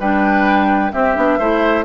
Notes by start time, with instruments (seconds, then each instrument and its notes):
0.00 bassoon G3, clarinet D4, oboe B4, flute G5
0.93 clarinet C4, bassoon C4, oboe G4, flute E5
1.17 bassoon B3, clarinet D4
1.39 bassoon A3, clarinet E4, oboe C5